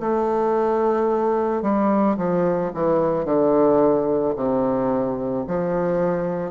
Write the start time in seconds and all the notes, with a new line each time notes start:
0.00 A3
1.63 G3
2.18 F3
2.75 E3
3.25 D3
4.36 C3
5.48 F3